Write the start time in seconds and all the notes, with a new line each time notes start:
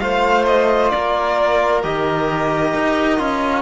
0.00 A3 F4 C5 F5
0.46 D#5
0.90 A#3 A#4 D5
1.83 D#3 G4 D#5
2.74 D#4
3.18 C#4 F4